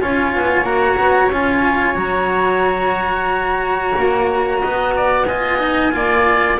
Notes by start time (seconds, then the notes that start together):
0.00 C#4 F4 C#5 G#5
0.35 B3
0.64 A#3 F#4 A#5
0.97 B3
1.30 C#4 F4 G#5
1.94 F#3 F#4 A#5
3.97 A#3
4.61 B3 D#5
4.96 D5
5.25 F4 D#5 G#5
5.58 D#4
5.92 A#3 F4 D5